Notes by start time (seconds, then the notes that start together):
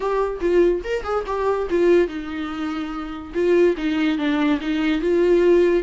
0.00 G4
0.40 F4
0.83 A#4
1.03 G#4
1.26 G4
1.70 F4
2.07 D#4
3.34 F4
3.77 D#4
4.17 D4
4.60 D#4
5.01 F4